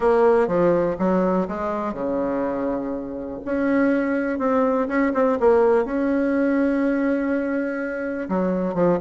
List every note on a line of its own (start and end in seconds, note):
0.00 0.47 A#3
0.47 0.96 F3
0.98 1.47 F#3
1.48 1.93 G#3
1.93 3.40 C#3
3.45 4.38 C#4
4.38 4.87 C4
4.88 5.12 C#4
5.14 5.38 C4
5.40 5.84 A#3
5.84 8.28 C#4
8.29 8.74 F#3
8.74 8.98 F3